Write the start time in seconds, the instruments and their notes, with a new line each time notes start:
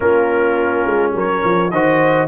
0.00 tuba A#3, trombone C#4, horn F4, trumpet A#4
0.85 tuba G#3
1.14 tuba F#3, horn A#4, trumpet C#5
1.44 tuba F3
1.71 tuba D#3, trombone F#4, horn C5, trumpet D#5